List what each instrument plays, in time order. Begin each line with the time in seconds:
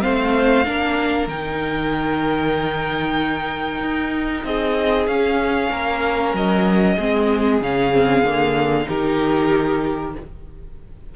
0.00 cello A3, viola C4, violin C5 F5
0.64 cello A#3, viola D4, violin A#4
1.27 cello D#3, viola D#4, violin G5
3.79 cello D#4
4.44 cello C4, violin G#4 D#5
5.07 cello C#4, viola C#4, violin F5
5.70 cello A#3, violin A#4
6.33 cello F#3, violin D#5
6.95 cello G#3, viola C4, violin G#4
7.60 cello C#3, viola C#4, violin F5
7.92 viola C4
8.23 cello D3, viola A#3
8.83 cello D#3, viola D#4, violin G4 A#4